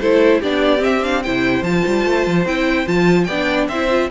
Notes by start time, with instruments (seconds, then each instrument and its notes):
0.00 cello A3, viola E4, violin A4 C5
0.40 cello B3, viola D4, violin G4 D5
0.78 viola C4, violin E5
0.87 cello C4
1.03 viola D4, violin F5
1.23 cello C3, viola E4, violin C5 G5
1.62 cello F3, viola F4, violin A5
1.86 cello G3
2.06 cello A3
2.27 cello F3
2.45 cello C4, viola E4, violin G5
2.86 cello F3, viola F4, violin A5
3.24 cello B3, violin D5 G5
3.32 viola D4
3.68 cello C4, viola E4, violin C5 E5
3.90 viola F4